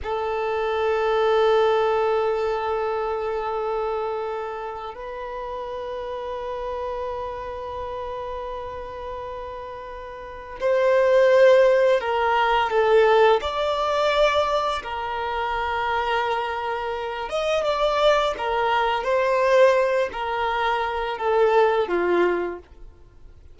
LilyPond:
\new Staff \with { instrumentName = "violin" } { \time 4/4 \tempo 4 = 85 a'1~ | a'2. b'4~ | b'1~ | b'2. c''4~ |
c''4 ais'4 a'4 d''4~ | d''4 ais'2.~ | ais'8 dis''8 d''4 ais'4 c''4~ | c''8 ais'4. a'4 f'4 | }